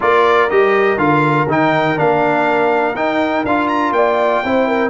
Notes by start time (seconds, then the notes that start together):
0.00 A#3 F4 A#4 D5
0.50 G3 G4 D#5
0.97 D3 F4 F5
1.47 D#3 D#4 G5
1.96 A#3 D4 F5
2.94 D#4 G5
3.44 D4 F4 F5
3.67 A#5
3.91 A#3 D5 G5
4.44 C4 E4 C5
4.67 A#4